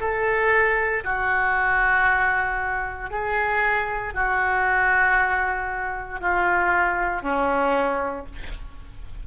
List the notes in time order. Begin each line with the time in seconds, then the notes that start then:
0.00 A4
1.04 F#4
3.10 G#4
4.14 F#4
6.20 F4
7.22 C#4